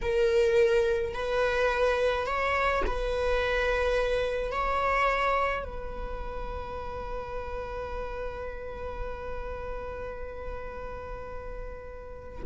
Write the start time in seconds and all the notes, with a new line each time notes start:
0.01 A#4
1.13 B4
2.26 C#5
2.86 B4
4.51 C#5
5.64 B4